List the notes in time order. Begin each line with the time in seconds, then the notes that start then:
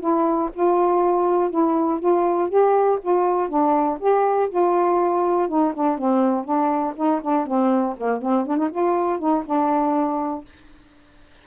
0.00 E4
0.54 F4
1.50 E4
2.00 F4
2.49 G4
3.01 F4
3.49 D4
4.00 G4
4.49 F4
5.48 D#4
5.74 D4
5.98 C4
6.44 D4
6.96 D#4
7.21 D4
7.47 C4
7.97 A#3
8.22 C4
8.46 D4
8.57 D#4
8.71 F4
9.19 D#4
9.46 D4